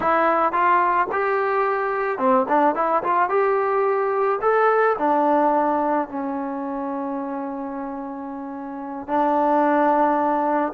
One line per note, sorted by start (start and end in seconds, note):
0.00 0.52 E4
0.52 1.07 F4
1.12 2.18 G4
2.18 2.45 C4
2.48 2.75 D4
2.75 3.03 E4
3.03 3.29 F4
3.29 4.39 G4
4.41 4.96 A4
4.98 6.08 D4
6.08 9.07 C#4
9.07 10.72 D4